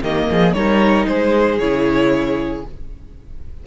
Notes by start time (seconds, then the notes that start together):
0.00 D#3 A#3 G4 D#5
0.30 F3 G#4
0.53 G3 D#4 A#4 C#5
1.07 G#3 G#4 C5
1.58 C#3 E4 C#5